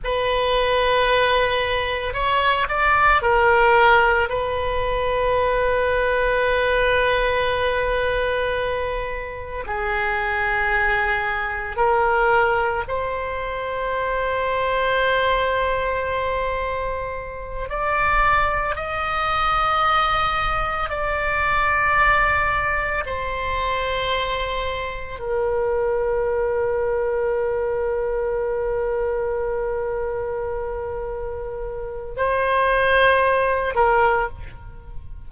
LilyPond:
\new Staff \with { instrumentName = "oboe" } { \time 4/4 \tempo 4 = 56 b'2 cis''8 d''8 ais'4 | b'1~ | b'4 gis'2 ais'4 | c''1~ |
c''8 d''4 dis''2 d''8~ | d''4. c''2 ais'8~ | ais'1~ | ais'2 c''4. ais'8 | }